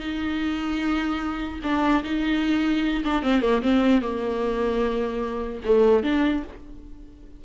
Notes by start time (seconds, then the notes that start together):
0.00 D#4
1.64 D4
2.04 D#4
3.05 D4
3.23 C4
3.42 A#3
3.63 C4
4.02 A#3
5.65 A3
6.03 D4